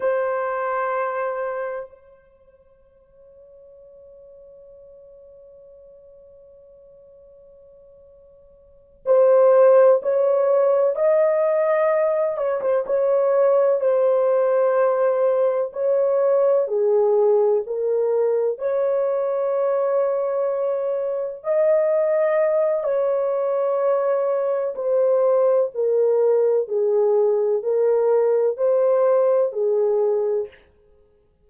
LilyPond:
\new Staff \with { instrumentName = "horn" } { \time 4/4 \tempo 4 = 63 c''2 cis''2~ | cis''1~ | cis''4. c''4 cis''4 dis''8~ | dis''4 cis''16 c''16 cis''4 c''4.~ |
c''8 cis''4 gis'4 ais'4 cis''8~ | cis''2~ cis''8 dis''4. | cis''2 c''4 ais'4 | gis'4 ais'4 c''4 gis'4 | }